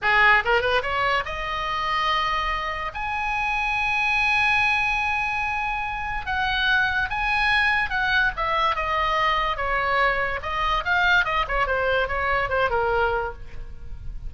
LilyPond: \new Staff \with { instrumentName = "oboe" } { \time 4/4 \tempo 4 = 144 gis'4 ais'8 b'8 cis''4 dis''4~ | dis''2. gis''4~ | gis''1~ | gis''2. fis''4~ |
fis''4 gis''2 fis''4 | e''4 dis''2 cis''4~ | cis''4 dis''4 f''4 dis''8 cis''8 | c''4 cis''4 c''8 ais'4. | }